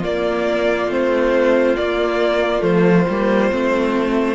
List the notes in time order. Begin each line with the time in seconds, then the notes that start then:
0.00 A#3 F4 D5
0.88 A3 C4 C5
1.77 A#3 D5
2.61 F3 A3 C5
3.09 G3 A#3
3.51 A3 C4